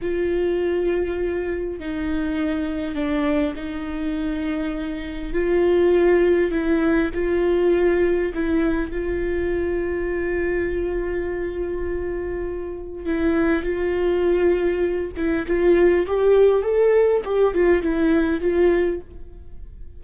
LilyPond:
\new Staff \with { instrumentName = "viola" } { \time 4/4 \tempo 4 = 101 f'2. dis'4~ | dis'4 d'4 dis'2~ | dis'4 f'2 e'4 | f'2 e'4 f'4~ |
f'1~ | f'2 e'4 f'4~ | f'4. e'8 f'4 g'4 | a'4 g'8 f'8 e'4 f'4 | }